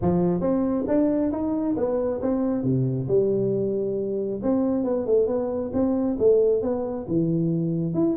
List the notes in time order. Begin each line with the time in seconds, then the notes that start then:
0.01 F3
0.40 C4
0.87 D4
1.31 D#4
1.76 B3
2.21 C4
2.63 C3
3.08 G3
4.42 C4
4.84 B3
5.06 A3
5.27 B3
5.73 C4
6.19 A3
6.62 B3
7.07 E3
7.94 E4